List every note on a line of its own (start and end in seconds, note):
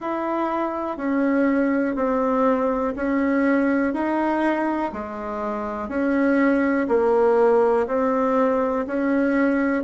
0.00 0.97 E4
0.97 1.95 C#4
1.95 2.93 C4
2.96 3.93 C#4
3.93 4.91 D#4
4.92 5.88 G#3
5.88 6.87 C#4
6.88 7.86 A#3
7.87 8.85 C4
8.87 9.83 C#4